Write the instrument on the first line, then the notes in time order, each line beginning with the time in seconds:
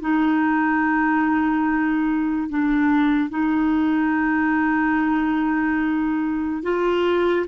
clarinet
0.00 D#4
2.49 D4
3.29 D#4
6.62 F4